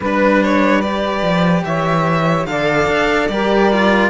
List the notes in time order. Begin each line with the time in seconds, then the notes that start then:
0.00 G3 D4 B4
0.42 C#5
0.81 G4 D5
1.21 F3
1.64 E3 C#5 E5
2.45 D3 A4 D5 F5
2.87 D4
3.27 G3 G4 A#4 D5
3.72 F4